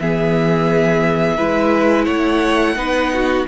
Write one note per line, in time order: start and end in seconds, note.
0.00 1.39 E3
0.00 1.38 B3
0.00 1.37 G#4
0.00 2.06 E5
1.37 2.07 G#3
1.37 2.77 E4
1.37 2.05 B4
2.05 2.76 A3
2.05 2.75 C#5
2.05 3.45 F#5
2.76 3.46 B3
2.76 3.46 D#4
2.76 3.13 B4
3.14 3.48 F#4